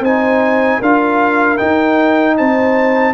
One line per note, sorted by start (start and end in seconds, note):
0.00 0.78 C4
0.00 0.82 D#4
0.00 0.78 C5
0.00 0.82 G#5
0.78 1.59 D4
0.78 1.58 F4
0.78 2.34 A#4
0.78 1.57 F5
1.57 3.13 D#4
1.57 2.39 D#4
1.57 2.35 G5
2.37 3.13 C4
2.37 3.13 C5
2.37 3.13 A5